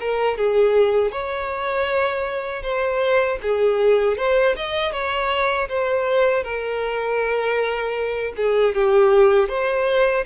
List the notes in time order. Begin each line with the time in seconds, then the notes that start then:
0.00 A#4
0.37 G#4
1.12 C#5
2.63 C5
3.42 G#4
4.17 C5
4.56 D#5
4.92 C#5
5.69 C5
6.43 A#4
8.36 G#4
8.75 G4
9.48 C5